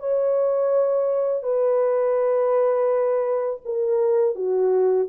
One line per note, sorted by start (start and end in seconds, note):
0.00 1.44 C#5
1.44 3.60 B4
3.65 4.36 A#4
4.36 5.08 F#4